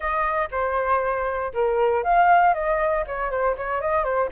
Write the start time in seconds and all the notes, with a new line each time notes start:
0.00 D#5
0.51 C5
1.53 A#4
2.03 F5
2.54 D#5
3.06 C#5
3.30 C5
3.57 C#5
3.81 D#5
4.04 C5